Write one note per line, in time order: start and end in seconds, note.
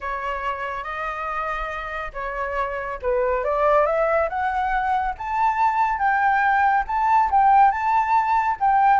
0.00 0.83 C#5
0.83 2.12 D#5
2.13 2.99 C#5
3.02 3.44 B4
3.44 3.86 D5
3.86 4.29 E5
4.29 5.14 F#5
5.18 5.98 A5
5.98 6.84 G5
6.87 7.30 A5
7.30 7.71 G5
7.71 8.56 A5
8.60 9.00 G5